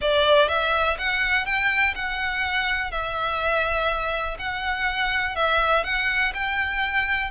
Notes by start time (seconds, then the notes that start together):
0.01 D5
0.48 E5
0.98 F#5
1.45 G5
1.95 F#5
2.91 E5
4.38 F#5
5.35 E5
5.84 F#5
6.33 G5